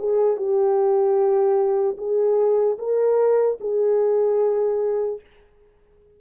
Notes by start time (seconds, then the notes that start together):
0.00 G#4
0.37 G4
1.98 G#4
2.79 A#4
3.61 G#4